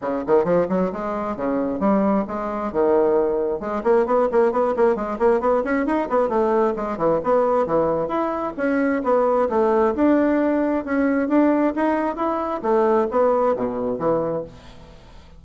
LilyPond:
\new Staff \with { instrumentName = "bassoon" } { \time 4/4 \tempo 4 = 133 cis8 dis8 f8 fis8 gis4 cis4 | g4 gis4 dis2 | gis8 ais8 b8 ais8 b8 ais8 gis8 ais8 | b8 cis'8 dis'8 b8 a4 gis8 e8 |
b4 e4 e'4 cis'4 | b4 a4 d'2 | cis'4 d'4 dis'4 e'4 | a4 b4 b,4 e4 | }